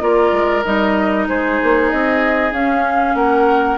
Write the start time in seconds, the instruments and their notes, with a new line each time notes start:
0.00 bassoon A#3, clarinet F4, oboe A#4, flute D5
0.32 bassoon G#3
0.64 bassoon G3, clarinet D#4, flute D#5
1.28 bassoon G#3, oboe G#4, flute C5
1.62 bassoon A#3
1.89 bassoon C4, flute D#5
2.52 bassoon C#4, clarinet C#4, flute F5
3.14 bassoon A#3, oboe A#4, flute F#5